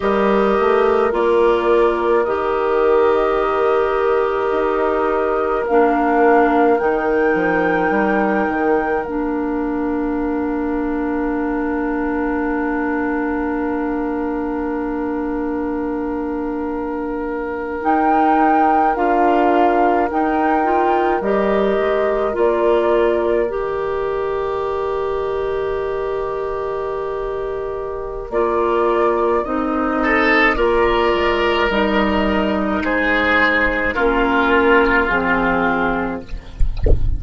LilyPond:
<<
  \new Staff \with { instrumentName = "flute" } { \time 4/4 \tempo 4 = 53 dis''4 d''4 dis''2~ | dis''4 f''4 g''2 | f''1~ | f''2.~ f''8. g''16~ |
g''8. f''4 g''4 dis''4 d''16~ | d''8. dis''2.~ dis''16~ | dis''4 d''4 dis''4 d''4 | dis''4 c''4 ais'4 gis'4 | }
  \new Staff \with { instrumentName = "oboe" } { \time 4/4 ais'1~ | ais'1~ | ais'1~ | ais'1~ |
ais'1~ | ais'1~ | ais'2~ ais'8 a'8 ais'4~ | ais'4 gis'4 f'2 | }
  \new Staff \with { instrumentName = "clarinet" } { \time 4/4 g'4 f'4 g'2~ | g'4 d'4 dis'2 | d'1~ | d'2.~ d'8. dis'16~ |
dis'8. f'4 dis'8 f'8 g'4 f'16~ | f'8. g'2.~ g'16~ | g'4 f'4 dis'4 f'4 | dis'2 cis'4 c'4 | }
  \new Staff \with { instrumentName = "bassoon" } { \time 4/4 g8 a8 ais4 dis2 | dis'4 ais4 dis8 f8 g8 dis8 | ais1~ | ais2.~ ais8. dis'16~ |
dis'8. d'4 dis'4 g8 gis8 ais16~ | ais8. dis2.~ dis16~ | dis4 ais4 c'4 ais8 gis8 | g4 gis4 ais4 f4 | }
>>